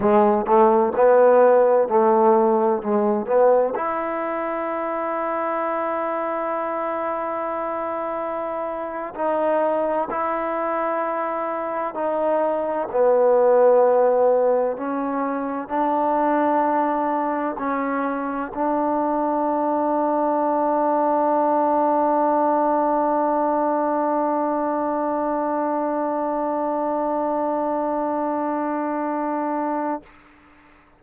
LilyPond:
\new Staff \with { instrumentName = "trombone" } { \time 4/4 \tempo 4 = 64 gis8 a8 b4 a4 gis8 b8 | e'1~ | e'4.~ e'16 dis'4 e'4~ e'16~ | e'8. dis'4 b2 cis'16~ |
cis'8. d'2 cis'4 d'16~ | d'1~ | d'1~ | d'1 | }